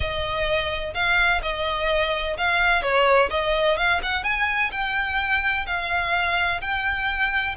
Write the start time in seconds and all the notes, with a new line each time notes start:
0.00 D#5
0.93 F5
1.42 D#5
2.37 F5
2.82 C#5
3.30 D#5
3.77 F5
4.02 F#5
4.23 G#5
4.71 G5
5.66 F5
6.61 G5